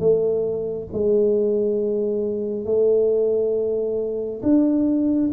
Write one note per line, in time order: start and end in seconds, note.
0.00 0.88 A3
0.93 2.65 G#3
2.65 4.41 A3
4.42 5.31 D4